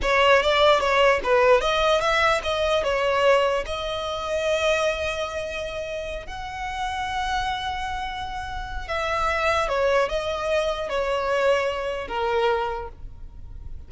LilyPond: \new Staff \with { instrumentName = "violin" } { \time 4/4 \tempo 4 = 149 cis''4 d''4 cis''4 b'4 | dis''4 e''4 dis''4 cis''4~ | cis''4 dis''2.~ | dis''2.~ dis''8 fis''8~ |
fis''1~ | fis''2 e''2 | cis''4 dis''2 cis''4~ | cis''2 ais'2 | }